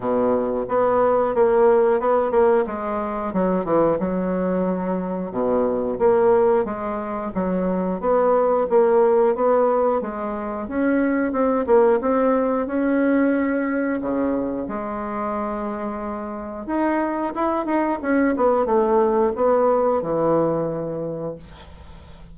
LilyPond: \new Staff \with { instrumentName = "bassoon" } { \time 4/4 \tempo 4 = 90 b,4 b4 ais4 b8 ais8 | gis4 fis8 e8 fis2 | b,4 ais4 gis4 fis4 | b4 ais4 b4 gis4 |
cis'4 c'8 ais8 c'4 cis'4~ | cis'4 cis4 gis2~ | gis4 dis'4 e'8 dis'8 cis'8 b8 | a4 b4 e2 | }